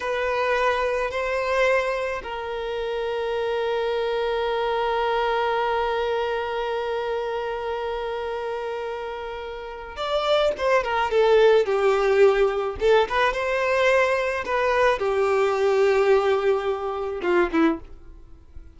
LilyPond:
\new Staff \with { instrumentName = "violin" } { \time 4/4 \tempo 4 = 108 b'2 c''2 | ais'1~ | ais'1~ | ais'1~ |
ais'2 d''4 c''8 ais'8 | a'4 g'2 a'8 b'8 | c''2 b'4 g'4~ | g'2. f'8 e'8 | }